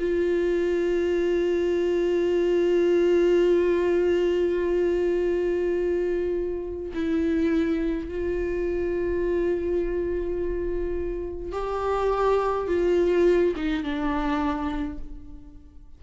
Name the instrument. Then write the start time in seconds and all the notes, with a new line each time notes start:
viola
0.00 F4
6.94 E4
8.08 F4
11.53 G4
12.68 F4
13.56 D#4
13.84 D4